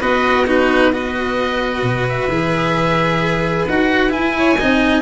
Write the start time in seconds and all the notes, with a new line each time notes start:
0.00 B3 F#4 B4 D#5
0.46 D#4 F#4 B4
0.92 F#4 B4 D#5
1.83 B2
2.08 E5
2.28 E3 G#4
3.67 D#4 F#4 F#5
4.09 E4 G#5
4.37 C#5
4.59 C4 D#4 D#5